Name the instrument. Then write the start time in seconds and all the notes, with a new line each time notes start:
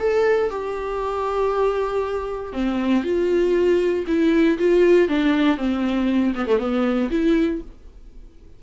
viola
0.00 A4
0.51 G4
2.53 C4
3.04 F4
4.08 E4
4.59 F4
5.09 D4
5.58 C4
6.35 B3
6.48 A3
6.59 B3
7.11 E4